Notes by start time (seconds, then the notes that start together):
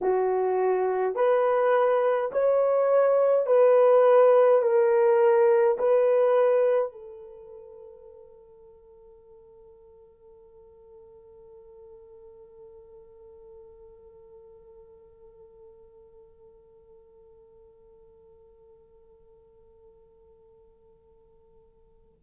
0.01 F#4
1.15 B4
2.32 C#5
3.46 B4
4.62 A#4
5.78 B4
6.92 A4